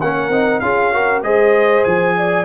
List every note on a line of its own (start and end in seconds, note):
0.00 0.29 A#3
0.00 0.31 C#4
0.00 0.62 A#4
0.00 0.60 F#5
0.29 0.60 C4
0.29 0.62 D#4
0.60 1.22 C#4
0.60 0.92 F4
0.60 0.93 G#4
0.60 1.21 F5
0.92 1.22 F#4
0.92 1.23 A#4
1.22 1.84 G#3
1.22 2.44 G#4
1.22 2.16 C5
1.22 1.84 D#5
1.84 2.44 F3
1.84 2.44 G#5
2.16 2.44 D5